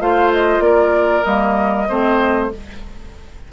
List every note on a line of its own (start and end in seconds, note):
0.00 0.60 A3
0.00 1.25 F4
0.00 0.64 C5
0.00 0.33 F5
0.33 0.62 D#5
0.60 1.23 A#3
0.60 1.89 A#4
0.60 1.24 D5
1.24 1.89 G3
1.24 1.88 A#3
1.24 2.49 D#5
1.89 2.53 A3
1.89 2.52 C4
1.89 2.51 C5